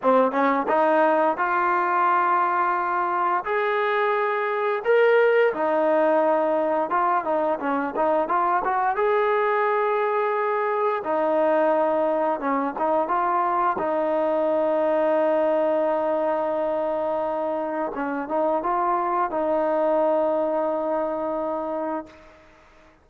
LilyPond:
\new Staff \with { instrumentName = "trombone" } { \time 4/4 \tempo 4 = 87 c'8 cis'8 dis'4 f'2~ | f'4 gis'2 ais'4 | dis'2 f'8 dis'8 cis'8 dis'8 | f'8 fis'8 gis'2. |
dis'2 cis'8 dis'8 f'4 | dis'1~ | dis'2 cis'8 dis'8 f'4 | dis'1 | }